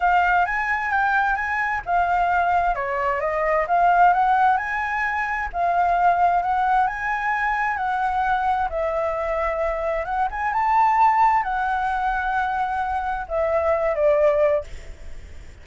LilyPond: \new Staff \with { instrumentName = "flute" } { \time 4/4 \tempo 4 = 131 f''4 gis''4 g''4 gis''4 | f''2 cis''4 dis''4 | f''4 fis''4 gis''2 | f''2 fis''4 gis''4~ |
gis''4 fis''2 e''4~ | e''2 fis''8 gis''8 a''4~ | a''4 fis''2.~ | fis''4 e''4. d''4. | }